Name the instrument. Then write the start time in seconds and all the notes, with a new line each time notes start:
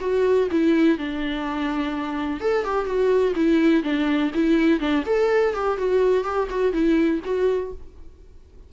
viola
0.00 F#4
0.51 E4
0.97 D4
2.40 A4
2.64 G4
2.85 F#4
3.35 E4
3.83 D4
4.34 E4
4.80 D4
5.06 A4
5.54 G4
5.77 F#4
6.24 G4
6.49 F#4
6.72 E4
7.24 F#4